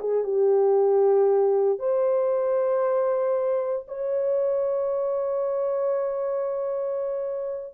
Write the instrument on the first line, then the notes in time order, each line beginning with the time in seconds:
horn
0.00 G#4
0.24 G4
1.79 C5
3.88 C#5